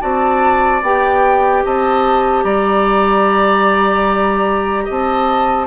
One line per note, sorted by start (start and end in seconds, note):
0.00 0.82 C4
0.00 0.81 F#4
0.00 1.64 D5
0.00 0.82 A5
0.82 1.64 B3
0.82 5.67 G4
0.82 1.65 G5
1.65 2.44 C4
1.65 2.44 D#5
1.65 2.44 A5
2.44 4.87 G3
2.44 4.85 D5
2.44 4.87 A#5
4.85 5.67 C4
4.85 5.66 D#5
4.91 5.67 A5